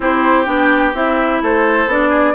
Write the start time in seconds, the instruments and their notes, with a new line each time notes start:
0.00 bassoon C4, clarinet E4, oboe G4, flute C5
0.45 bassoon B3, clarinet D4, flute G5
0.93 bassoon C4, clarinet E4, flute E5
1.41 bassoon A3, oboe A4, flute C5
1.86 bassoon B3, clarinet D4, flute D5
2.09 oboe G#4